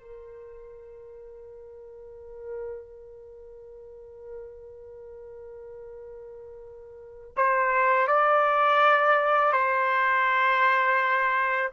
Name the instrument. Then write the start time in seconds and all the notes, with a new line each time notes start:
trumpet
0.00 A#4
7.36 C5
8.07 D5
9.52 C5